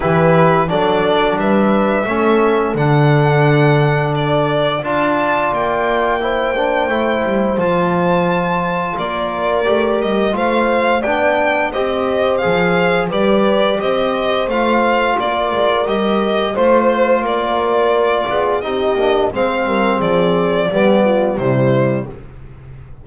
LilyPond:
<<
  \new Staff \with { instrumentName = "violin" } { \time 4/4 \tempo 4 = 87 b'4 d''4 e''2 | fis''2 d''4 a''4 | g''2. a''4~ | a''4 d''4. dis''8 f''4 |
g''4 dis''4 f''4 d''4 | dis''4 f''4 d''4 dis''4 | c''4 d''2 dis''4 | f''4 d''2 c''4 | }
  \new Staff \with { instrumentName = "horn" } { \time 4/4 g'4 a'4 b'4 a'4~ | a'2. d''4~ | d''4 c''2.~ | c''4 ais'2 c''4 |
d''4 c''2 b'4 | c''2 ais'2 | c''4 ais'4. gis'8 g'4 | c''8 ais'8 gis'4 g'8 f'8 e'4 | }
  \new Staff \with { instrumentName = "trombone" } { \time 4/4 e'4 d'2 cis'4 | d'2. f'4~ | f'4 e'8 d'8 e'4 f'4~ | f'2 g'4 f'4 |
d'4 g'4 gis'4 g'4~ | g'4 f'2 g'4 | f'2. dis'8 d'8 | c'2 b4 g4 | }
  \new Staff \with { instrumentName = "double bass" } { \time 4/4 e4 fis4 g4 a4 | d2. d'4 | ais2 a8 g8 f4~ | f4 ais4 a8 g8 a4 |
b4 c'4 f4 g4 | c'4 a4 ais8 gis8 g4 | a4 ais4. b8 c'8 ais8 | gis8 g8 f4 g4 c4 | }
>>